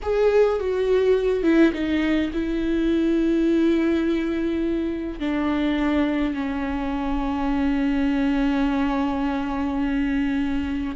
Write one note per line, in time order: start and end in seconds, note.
0.02 0.59 G#4
0.59 1.43 F#4
1.43 1.72 E4
1.73 2.31 D#4
2.33 5.19 E4
5.19 6.34 D4
6.34 10.95 C#4